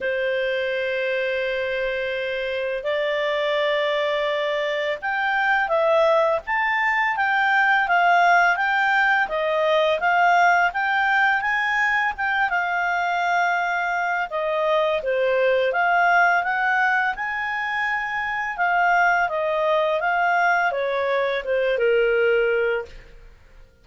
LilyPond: \new Staff \with { instrumentName = "clarinet" } { \time 4/4 \tempo 4 = 84 c''1 | d''2. g''4 | e''4 a''4 g''4 f''4 | g''4 dis''4 f''4 g''4 |
gis''4 g''8 f''2~ f''8 | dis''4 c''4 f''4 fis''4 | gis''2 f''4 dis''4 | f''4 cis''4 c''8 ais'4. | }